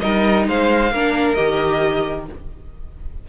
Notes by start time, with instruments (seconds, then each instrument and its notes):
0.00 cello G3, viola D#4, violin A#4 D#5
0.47 cello G#3, violin C5 F5
0.91 cello A#3, viola D4, violin A#4
1.34 cello D#3, viola G4, violin D#5